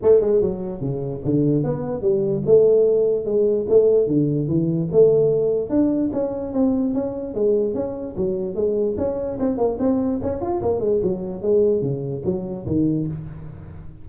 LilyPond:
\new Staff \with { instrumentName = "tuba" } { \time 4/4 \tempo 4 = 147 a8 gis8 fis4 cis4 d4 | b4 g4 a2 | gis4 a4 d4 e4 | a2 d'4 cis'4 |
c'4 cis'4 gis4 cis'4 | fis4 gis4 cis'4 c'8 ais8 | c'4 cis'8 f'8 ais8 gis8 fis4 | gis4 cis4 fis4 dis4 | }